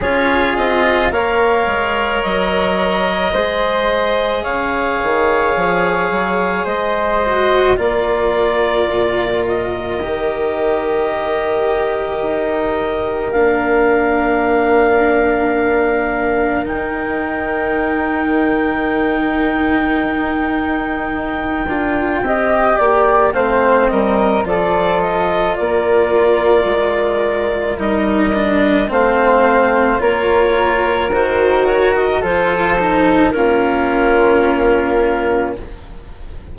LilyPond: <<
  \new Staff \with { instrumentName = "clarinet" } { \time 4/4 \tempo 4 = 54 cis''8 dis''8 f''4 dis''2 | f''2 dis''4 d''4~ | d''8 dis''2.~ dis''8 | f''2. g''4~ |
g''1~ | g''4 f''8 dis''8 d''8 dis''8 d''4~ | d''4 dis''4 f''4 cis''4 | c''8 cis''16 dis''16 c''4 ais'2 | }
  \new Staff \with { instrumentName = "flute" } { \time 4/4 gis'4 cis''2 c''4 | cis''2 c''4 ais'4~ | ais'1~ | ais'1~ |
ais'1 | dis''8 d''8 c''8 ais'8 a'4 ais'4~ | ais'2 c''4 ais'4~ | ais'4 a'4 f'2 | }
  \new Staff \with { instrumentName = "cello" } { \time 4/4 f'4 ais'2 gis'4~ | gis'2~ gis'8 fis'8 f'4~ | f'4 g'2. | d'2. dis'4~ |
dis'2.~ dis'8 f'8 | g'4 c'4 f'2~ | f'4 dis'8 d'8 c'4 f'4 | fis'4 f'8 dis'8 cis'2 | }
  \new Staff \with { instrumentName = "bassoon" } { \time 4/4 cis'8 c'8 ais8 gis8 fis4 gis4 | cis8 dis8 f8 fis8 gis4 ais4 | ais,4 dis2 dis'4 | ais2. dis4~ |
dis2 dis'4. d'8 | c'8 ais8 a8 g8 f4 ais4 | gis4 g4 a4 ais4 | dis4 f4 ais2 | }
>>